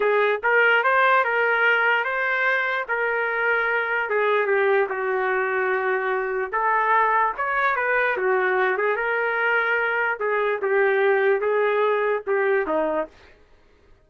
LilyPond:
\new Staff \with { instrumentName = "trumpet" } { \time 4/4 \tempo 4 = 147 gis'4 ais'4 c''4 ais'4~ | ais'4 c''2 ais'4~ | ais'2 gis'4 g'4 | fis'1 |
a'2 cis''4 b'4 | fis'4. gis'8 ais'2~ | ais'4 gis'4 g'2 | gis'2 g'4 dis'4 | }